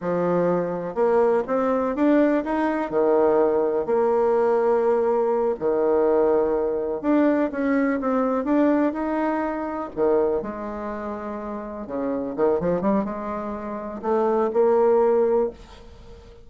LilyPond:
\new Staff \with { instrumentName = "bassoon" } { \time 4/4 \tempo 4 = 124 f2 ais4 c'4 | d'4 dis'4 dis2 | ais2.~ ais8 dis8~ | dis2~ dis8 d'4 cis'8~ |
cis'8 c'4 d'4 dis'4.~ | dis'8 dis4 gis2~ gis8~ | gis8 cis4 dis8 f8 g8 gis4~ | gis4 a4 ais2 | }